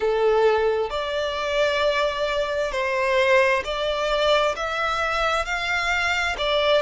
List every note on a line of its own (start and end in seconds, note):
0.00 0.90 A4
0.90 2.71 D5
2.71 3.62 C5
3.64 4.55 D5
4.56 5.45 E5
5.45 6.36 F5
6.37 6.81 D5